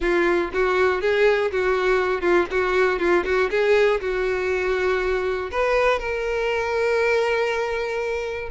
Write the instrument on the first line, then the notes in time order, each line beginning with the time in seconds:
violin
0.00 F4
0.53 F#4
1.01 G#4
1.51 F#4
2.21 F4
2.50 F#4
2.99 F4
3.25 F#4
3.50 G#4
4.00 F#4
5.51 B4
5.99 A#4